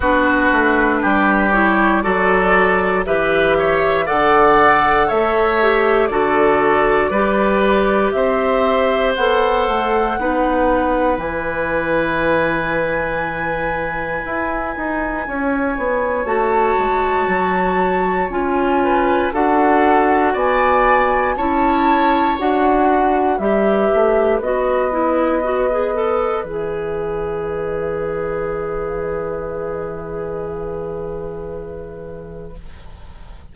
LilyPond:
<<
  \new Staff \with { instrumentName = "flute" } { \time 4/4 \tempo 4 = 59 b'4. cis''8 d''4 e''4 | fis''4 e''4 d''2 | e''4 fis''2 gis''4~ | gis''1 |
a''2 gis''4 fis''4 | gis''4 a''4 fis''4 e''4 | dis''2 e''2~ | e''1 | }
  \new Staff \with { instrumentName = "oboe" } { \time 4/4 fis'4 g'4 a'4 b'8 cis''8 | d''4 cis''4 a'4 b'4 | c''2 b'2~ | b'2. cis''4~ |
cis''2~ cis''8 b'8 a'4 | d''4 cis''4. b'4.~ | b'1~ | b'1 | }
  \new Staff \with { instrumentName = "clarinet" } { \time 4/4 d'4. e'8 fis'4 g'4 | a'4. g'8 fis'4 g'4~ | g'4 a'4 dis'4 e'4~ | e'1 |
fis'2 f'4 fis'4~ | fis'4 e'4 fis'4 g'4 | fis'8 e'8 fis'16 gis'16 a'8 gis'2~ | gis'1 | }
  \new Staff \with { instrumentName = "bassoon" } { \time 4/4 b8 a8 g4 fis4 e4 | d4 a4 d4 g4 | c'4 b8 a8 b4 e4~ | e2 e'8 dis'8 cis'8 b8 |
a8 gis8 fis4 cis'4 d'4 | b4 cis'4 d'4 g8 a8 | b2 e2~ | e1 | }
>>